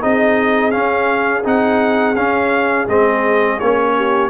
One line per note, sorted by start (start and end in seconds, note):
0.00 0.75 C4
0.00 0.72 D#4
0.00 3.93 G#4
0.00 0.71 D#5
0.71 1.43 C#4
0.71 1.45 C#4
0.71 1.43 F5
1.44 2.16 C4
1.44 2.15 D#4
1.44 2.15 F#5
2.15 2.88 C#4
2.15 2.87 F5
2.88 3.59 G#3
2.88 3.60 C4
2.88 3.59 D#5
3.59 4.30 A#3
3.59 4.30 C#4
3.59 4.30 C#5
3.96 4.30 G4